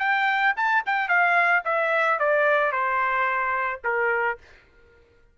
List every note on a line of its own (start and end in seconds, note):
0.00 0.54 G5
0.57 0.84 A5
0.86 1.09 G5
1.09 1.63 F5
1.65 2.19 E5
2.20 2.72 D5
2.72 3.81 C5
3.84 4.38 A#4